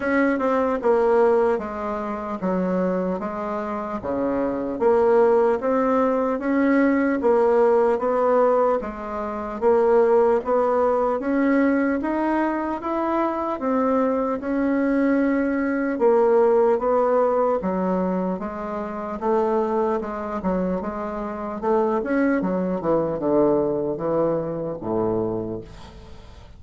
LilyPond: \new Staff \with { instrumentName = "bassoon" } { \time 4/4 \tempo 4 = 75 cis'8 c'8 ais4 gis4 fis4 | gis4 cis4 ais4 c'4 | cis'4 ais4 b4 gis4 | ais4 b4 cis'4 dis'4 |
e'4 c'4 cis'2 | ais4 b4 fis4 gis4 | a4 gis8 fis8 gis4 a8 cis'8 | fis8 e8 d4 e4 a,4 | }